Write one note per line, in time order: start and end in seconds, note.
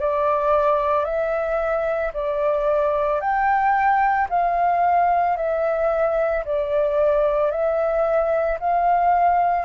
0.00 1.05 D5
1.05 2.12 E5
2.14 3.21 D5
3.21 4.28 G5
4.30 5.37 F5
5.37 6.44 E5
6.45 7.51 D5
7.51 8.59 E5
8.60 9.65 F5